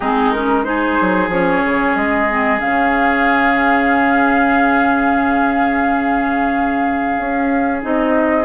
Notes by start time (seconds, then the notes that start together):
0.00 G#3 C4 D#4 G#4
0.32 C#4 A#4
0.64 D#4 G#4 C5
1.00 F#3
1.28 F3 C#4 C#5
1.65 C#3
1.95 G#3 D#5
2.29 C4
2.58 C#3 C#4 F5
7.18 C#4
7.81 C4 D#4 D#5